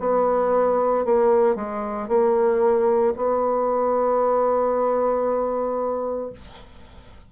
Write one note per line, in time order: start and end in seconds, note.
0.00 1.05 B3
1.05 1.56 A#3
1.56 2.09 G#3
2.09 3.14 A#3
3.16 6.32 B3